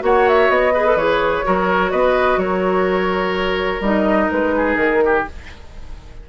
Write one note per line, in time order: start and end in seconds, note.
0.00 0.50 A#3
0.00 0.71 F#4
0.00 0.74 C#5
0.00 0.29 F#5
0.29 0.50 E5
0.50 0.96 B3
0.50 0.98 D#5
0.74 0.86 G#4
0.74 1.45 B4
0.86 0.98 A4
0.96 1.44 E3
0.96 1.44 G#4
0.96 1.91 C#5
1.44 1.93 F#3
1.44 3.82 F#4
1.44 1.92 A#4
1.91 2.37 B3
1.91 2.39 B4
1.91 2.39 D#5
2.37 3.80 F#3
2.37 4.56 A#4
2.37 3.82 C#5
3.81 4.28 G3
3.81 5.26 D#4
3.81 4.31 D#5
4.31 4.76 G#3
4.31 4.76 B4
4.57 5.04 G#4
4.76 5.24 D#3
4.76 5.24 A#4
5.05 5.29 G4